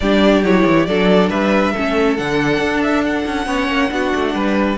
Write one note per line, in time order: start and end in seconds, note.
0.00 0.42 G3
0.00 0.44 D4
0.00 0.88 G4
0.00 0.43 D5
0.42 0.64 F#3
0.42 0.88 E4
0.42 0.85 C#5
0.66 0.86 E3
0.85 1.30 F#3
0.85 1.75 D4
0.85 1.29 A4
0.85 1.29 D5
1.29 1.74 G3
1.29 1.72 B4
1.29 2.16 E5
1.72 2.19 A3
1.72 2.17 C#4
1.72 3.46 A4
2.16 2.58 D3
2.16 3.46 D4
2.16 2.82 F#5
2.58 3.23 D4
2.83 3.04 E5
3.04 4.77 F#5
3.26 3.46 C#4
3.46 3.67 B3
3.46 3.89 C#4
3.46 3.90 C#5
3.68 3.89 A#3
3.90 4.12 B3
3.90 4.77 D4
3.90 4.34 F#4
4.14 4.34 A3
4.34 4.77 G3
4.34 4.77 B4